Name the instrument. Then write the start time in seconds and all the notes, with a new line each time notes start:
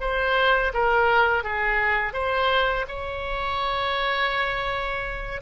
oboe
0.00 C5
0.73 A#4
1.43 G#4
2.13 C5
2.88 C#5